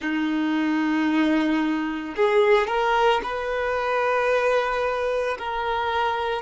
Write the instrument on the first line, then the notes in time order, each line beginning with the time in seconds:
violin
0.00 D#4
2.16 G#4
2.67 A#4
3.23 B4
5.38 A#4